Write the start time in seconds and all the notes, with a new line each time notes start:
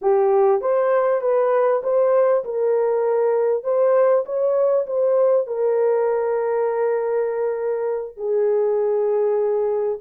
0.01 G4
0.61 C5
1.21 B4
1.83 C5
2.44 A#4
3.63 C5
4.25 C#5
4.86 C5
5.46 A#4
8.17 G#4